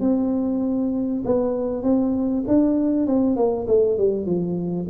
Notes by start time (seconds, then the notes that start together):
0.00 C4
1.24 B3
1.83 C4
2.47 D4
3.06 C4
3.36 A#3
3.67 A3
3.97 G3
4.26 F3